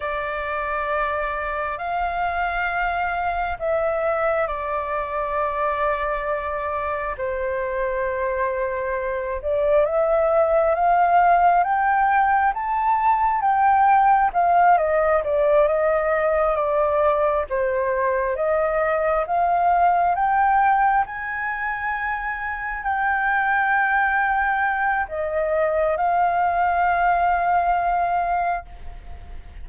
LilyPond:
\new Staff \with { instrumentName = "flute" } { \time 4/4 \tempo 4 = 67 d''2 f''2 | e''4 d''2. | c''2~ c''8 d''8 e''4 | f''4 g''4 a''4 g''4 |
f''8 dis''8 d''8 dis''4 d''4 c''8~ | c''8 dis''4 f''4 g''4 gis''8~ | gis''4. g''2~ g''8 | dis''4 f''2. | }